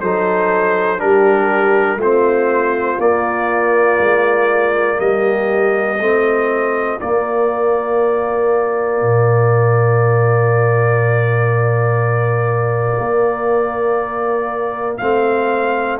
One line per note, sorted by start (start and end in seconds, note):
0.00 1.00 F#3
0.00 0.97 D#4
0.00 0.99 A4
0.00 1.00 C5
0.97 1.96 G3
0.97 1.97 D4
0.97 1.99 G4
0.97 2.00 A#4
1.96 2.96 A3
1.96 2.99 C4
1.96 4.99 F4
1.96 3.00 C5
2.98 3.98 A#3
2.98 5.99 A#3
2.98 5.00 D5
3.99 4.99 G#3
4.99 5.99 G3
4.99 5.99 G4
4.99 7.00 D#5
5.99 6.99 A3
5.99 6.99 C4
5.99 15.99 F4
7.00 9.01 A#3
7.00 15.00 A#3
7.00 14.97 D5
9.01 12.98 A#2
12.98 14.98 A#3
14.97 16.00 A3
14.97 16.00 C4
14.97 15.97 F5